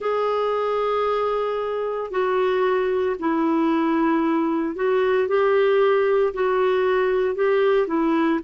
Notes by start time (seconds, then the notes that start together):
0.00 G#4
2.11 F#4
3.19 E4
4.75 F#4
5.27 G4
6.33 F#4
7.34 G4
7.87 E4